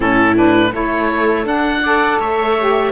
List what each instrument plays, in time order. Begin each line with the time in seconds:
0.00 cello A2, saxophone C#4, viola E4, oboe A4
0.35 saxophone D4, oboe B4
0.72 cello A3, saxophone E4, viola A4, oboe C#5
1.43 saxophone D4, cello D4, oboe F#5
1.82 saxophone A4, viola D5
2.19 cello A3, viola C#5, oboe E5
2.59 saxophone G4